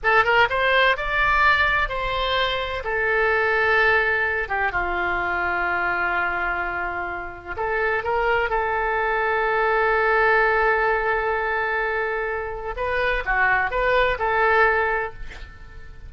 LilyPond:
\new Staff \with { instrumentName = "oboe" } { \time 4/4 \tempo 4 = 127 a'8 ais'8 c''4 d''2 | c''2 a'2~ | a'4. g'8 f'2~ | f'1 |
a'4 ais'4 a'2~ | a'1~ | a'2. b'4 | fis'4 b'4 a'2 | }